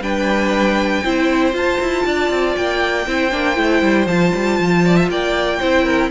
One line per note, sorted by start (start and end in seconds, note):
0.00 1.02 G3
0.00 1.04 D4
0.00 1.03 B4
0.00 1.55 G5
1.03 1.54 C4
1.03 1.52 E4
1.03 2.05 C5
1.52 3.05 F4
1.52 1.79 F4
1.52 2.56 A5
1.80 2.06 E4
2.06 2.31 D4
2.06 3.08 D5
2.31 2.56 C4
2.56 3.07 A#3
2.56 4.07 G5
3.07 3.32 C4
3.07 3.31 E4
3.07 4.86 C5
3.31 3.57 A#3
3.31 3.55 D4
3.55 3.82 A3
3.55 4.06 E4
3.82 4.07 G3
4.07 4.32 F3
4.07 5.62 F4
4.07 5.09 A5
4.35 4.60 G3
4.60 5.09 F3
4.86 4.97 D5
4.97 5.09 E5
5.09 5.60 A#3
5.09 5.60 D5
5.09 6.11 G5
5.60 6.11 C4
5.60 6.11 E4
5.60 5.84 C5
5.84 6.10 A#4